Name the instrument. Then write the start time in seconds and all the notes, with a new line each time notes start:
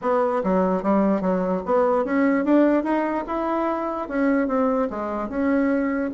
bassoon
0.01 B3
0.43 F#3
0.83 G3
1.21 F#3
1.65 B3
2.04 C#4
2.44 D4
2.83 D#4
3.26 E4
4.08 C#4
4.47 C4
4.90 G#3
5.28 C#4